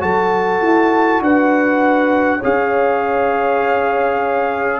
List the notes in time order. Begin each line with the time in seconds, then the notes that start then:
0.00 F#3 F#4 A4 A5
0.61 E4
1.21 D4 B4 F#5
2.39 C#4 G#4 C#5 F5